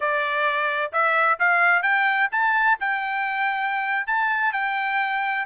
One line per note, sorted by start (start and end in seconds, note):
0.00 0.92 D5
0.92 1.38 E5
1.39 1.82 F5
1.82 2.29 G5
2.31 2.78 A5
2.80 4.06 G5
4.06 4.52 A5
4.52 5.45 G5